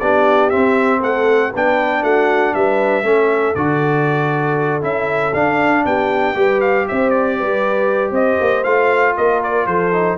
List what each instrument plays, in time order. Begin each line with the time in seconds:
0.00 tuba B3, trombone D4, horn G4, trumpet D5
0.50 trombone C4, tuba C4, trumpet E5
0.99 tuba A3, horn A4, trumpet F#5
1.51 tuba B3, trombone D4, horn B4, trumpet G5
2.03 tuba A3, horn F#4, trumpet F#5
2.55 tuba G3, horn B4, trumpet E5
3.03 tuba A3, trombone C#4, horn A4
3.55 tuba D3, trombone F#4, trumpet D5
4.82 tuba C#4, trombone E4, trumpet E5
5.34 tuba D4, trombone D4, trumpet F5
5.85 tuba B3, horn G4, trumpet G5
6.35 tuba G3, trombone G4, horn B4
6.61 trumpet F5
6.88 tuba C4, horn C5, trumpet E5
7.10 trumpet D5
7.38 tuba G3, horn B4
8.12 tuba C4, horn C5, trumpet D#5
8.41 tuba A#3
8.64 tuba A3, trombone F4, trumpet F5
9.17 tuba A#3, horn A#4, trumpet D#5
9.44 trumpet D5
9.67 tuba F3, horn A4, trumpet C5
9.93 trombone D#4